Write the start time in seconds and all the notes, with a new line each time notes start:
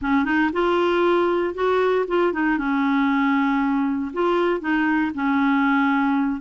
0.01 C#4
0.24 D#4
0.52 F4
1.54 F#4
2.07 F4
2.32 D#4
2.58 C#4
4.13 F4
4.60 D#4
5.14 C#4